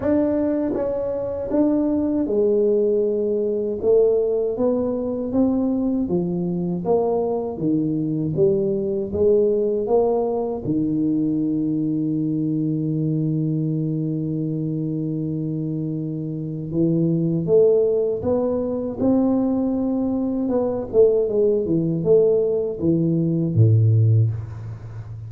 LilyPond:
\new Staff \with { instrumentName = "tuba" } { \time 4/4 \tempo 4 = 79 d'4 cis'4 d'4 gis4~ | gis4 a4 b4 c'4 | f4 ais4 dis4 g4 | gis4 ais4 dis2~ |
dis1~ | dis2 e4 a4 | b4 c'2 b8 a8 | gis8 e8 a4 e4 a,4 | }